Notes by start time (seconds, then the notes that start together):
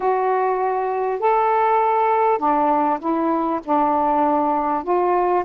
0.00 F#4
1.19 A4
2.38 D4
2.99 E4
3.64 D4
4.83 F4